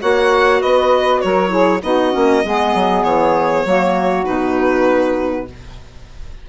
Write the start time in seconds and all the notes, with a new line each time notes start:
0.00 A#3 F#4 C#5 F#5
0.59 B3 B4 D#5
1.21 F#3 A#4 C#5
1.48 E4 G#4
1.82 B3 D#4 F#4 D#5
2.11 A#3 C#4
2.44 G#3 B3 G#4
2.74 F#3
3.03 E3 C#5
3.65 F#3 A#3 F#4
4.24 B2 D#4 B4